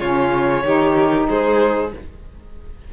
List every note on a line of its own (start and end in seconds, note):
0.00 0.64 C#3
0.00 0.65 C#4
0.00 0.63 F4
0.00 1.26 C#5
0.64 1.27 D#3
0.64 1.91 D#4
0.64 1.29 G4
1.29 1.93 G#3
1.29 1.93 G#4
1.29 1.92 C5